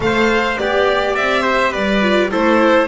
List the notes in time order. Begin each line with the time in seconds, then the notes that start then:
0.00 A3 A4 C5 F5
0.57 B3 G4 D5
1.14 C4 D5 E5
1.42 C5
1.71 G3 B4 D5
2.01 F4
2.30 A3 E4 A4 C5